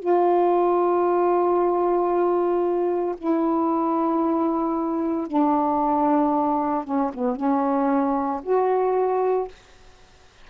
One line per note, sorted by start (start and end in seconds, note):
0.00 3.16 F4
3.18 5.28 E4
5.28 6.85 D4
6.85 7.11 C#4
7.14 7.36 B3
7.36 8.42 C#4
8.43 9.48 F#4